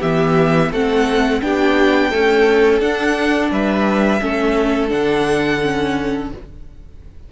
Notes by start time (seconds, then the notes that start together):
0.00 E3 B3 G4 E5
0.72 A3 C4 A4 F#5
1.42 B3 D4 G4 G5
2.10 A3 C#4 A4
2.80 D4 F#5
3.51 G3 B4 E5
4.20 A3 C#4 A4
4.89 D3 D4 F#5
5.62 C#4